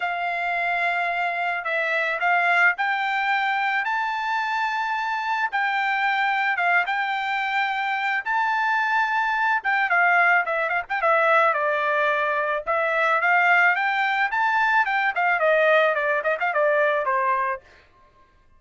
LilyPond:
\new Staff \with { instrumentName = "trumpet" } { \time 4/4 \tempo 4 = 109 f''2. e''4 | f''4 g''2 a''4~ | a''2 g''2 | f''8 g''2~ g''8 a''4~ |
a''4. g''8 f''4 e''8 f''16 g''16 | e''4 d''2 e''4 | f''4 g''4 a''4 g''8 f''8 | dis''4 d''8 dis''16 f''16 d''4 c''4 | }